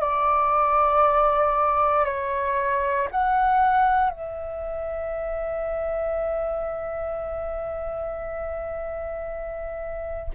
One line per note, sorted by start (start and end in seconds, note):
0.00 2.05 D5
2.05 3.08 C#5
3.11 4.10 F#5
4.10 10.30 E5